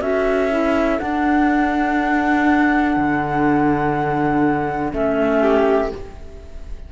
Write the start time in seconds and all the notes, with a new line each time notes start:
0.00 C#4 F#4 A4 E5
0.50 E4
0.98 D4 F#5
2.96 D3
4.92 A3 C#4 E5
5.41 G4